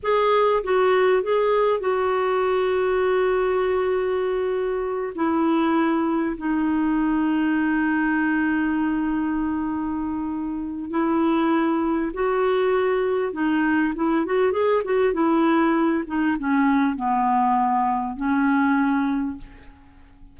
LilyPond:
\new Staff \with { instrumentName = "clarinet" } { \time 4/4 \tempo 4 = 99 gis'4 fis'4 gis'4 fis'4~ | fis'1~ | fis'8 e'2 dis'4.~ | dis'1~ |
dis'2 e'2 | fis'2 dis'4 e'8 fis'8 | gis'8 fis'8 e'4. dis'8 cis'4 | b2 cis'2 | }